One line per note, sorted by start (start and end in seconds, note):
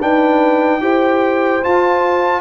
0.00 0.81 D4
0.00 0.81 D#4
0.00 0.81 B4
0.00 1.64 G5
0.81 1.62 E4
0.81 1.62 G4
0.81 2.41 C5
1.63 2.41 F4
1.63 2.41 A5